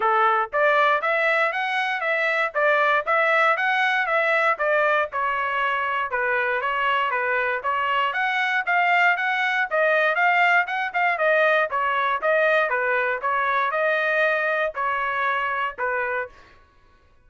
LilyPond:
\new Staff \with { instrumentName = "trumpet" } { \time 4/4 \tempo 4 = 118 a'4 d''4 e''4 fis''4 | e''4 d''4 e''4 fis''4 | e''4 d''4 cis''2 | b'4 cis''4 b'4 cis''4 |
fis''4 f''4 fis''4 dis''4 | f''4 fis''8 f''8 dis''4 cis''4 | dis''4 b'4 cis''4 dis''4~ | dis''4 cis''2 b'4 | }